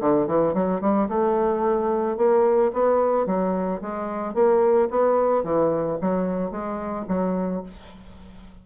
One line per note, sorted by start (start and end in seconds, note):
0.00 0.27 D3
0.27 0.54 E3
0.54 0.81 F#3
0.81 1.08 G3
1.08 2.17 A3
2.17 2.71 A#3
2.73 3.26 B3
3.26 3.81 F#3
3.81 4.34 G#3
4.34 4.88 A#3
4.90 5.43 B3
5.43 5.98 E3
6.01 6.51 F#3
6.51 7.05 G#3
7.08 7.63 F#3